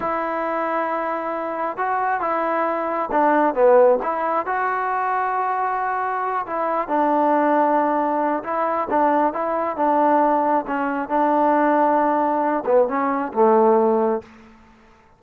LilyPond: \new Staff \with { instrumentName = "trombone" } { \time 4/4 \tempo 4 = 135 e'1 | fis'4 e'2 d'4 | b4 e'4 fis'2~ | fis'2~ fis'8 e'4 d'8~ |
d'2. e'4 | d'4 e'4 d'2 | cis'4 d'2.~ | d'8 b8 cis'4 a2 | }